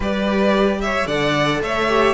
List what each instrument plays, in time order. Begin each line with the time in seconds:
0.00 cello G3, viola G4, violin B4 D5
0.81 violin C#5 E5
1.06 cello D3, viola A4, violin D5 F#5
1.61 cello A3, violin C#5 E5
1.88 viola G4